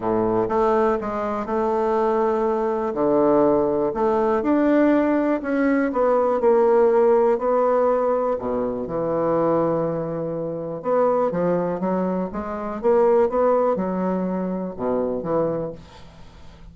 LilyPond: \new Staff \with { instrumentName = "bassoon" } { \time 4/4 \tempo 4 = 122 a,4 a4 gis4 a4~ | a2 d2 | a4 d'2 cis'4 | b4 ais2 b4~ |
b4 b,4 e2~ | e2 b4 f4 | fis4 gis4 ais4 b4 | fis2 b,4 e4 | }